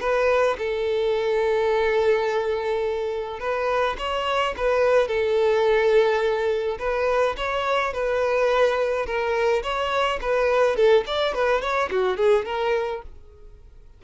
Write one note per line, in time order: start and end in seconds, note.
0.00 0.57 B4
0.58 3.40 A4
3.40 3.96 B4
3.98 4.55 C#5
4.57 5.08 B4
5.08 6.78 A4
6.79 7.36 B4
7.37 7.93 C#5
7.93 9.06 B4
9.06 9.63 A#4
9.63 10.19 C#5
10.21 10.76 B4
10.76 11.04 A4
11.06 11.34 D5
11.34 11.61 B4
11.61 11.89 C#5
11.90 12.17 F#4
12.17 12.45 G#4
12.46 13.02 A#4